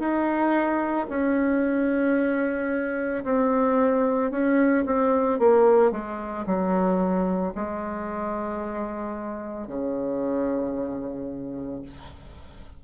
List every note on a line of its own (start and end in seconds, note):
0.00 1.07 D#4
1.10 3.24 C#4
3.25 4.31 C4
4.31 4.85 C#4
4.86 5.40 C4
5.40 5.92 A#3
5.92 6.45 G#3
6.47 7.54 F#3
7.55 9.68 G#3
9.68 11.82 C#3